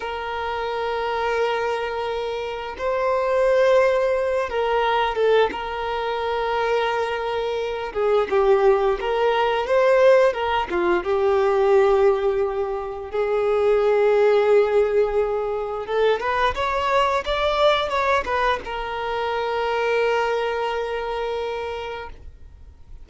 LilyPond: \new Staff \with { instrumentName = "violin" } { \time 4/4 \tempo 4 = 87 ais'1 | c''2~ c''8 ais'4 a'8 | ais'2.~ ais'8 gis'8 | g'4 ais'4 c''4 ais'8 f'8 |
g'2. gis'4~ | gis'2. a'8 b'8 | cis''4 d''4 cis''8 b'8 ais'4~ | ais'1 | }